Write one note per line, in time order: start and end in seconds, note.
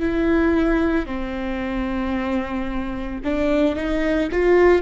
0.00 1.07 E4
1.07 3.21 C4
3.24 3.76 D4
3.76 4.30 D#4
4.32 4.83 F4